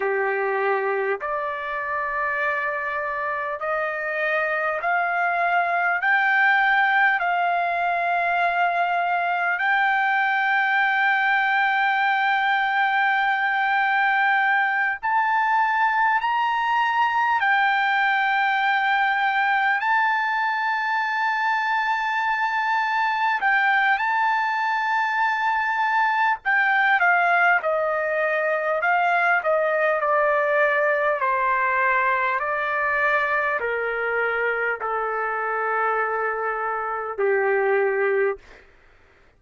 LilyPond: \new Staff \with { instrumentName = "trumpet" } { \time 4/4 \tempo 4 = 50 g'4 d''2 dis''4 | f''4 g''4 f''2 | g''1~ | g''8 a''4 ais''4 g''4.~ |
g''8 a''2. g''8 | a''2 g''8 f''8 dis''4 | f''8 dis''8 d''4 c''4 d''4 | ais'4 a'2 g'4 | }